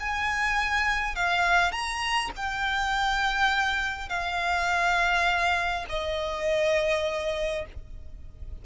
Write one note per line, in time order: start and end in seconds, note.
0.00 1.15 G#5
1.15 1.72 F5
1.72 2.30 A#5
2.36 4.09 G5
4.09 5.86 F5
5.89 7.65 D#5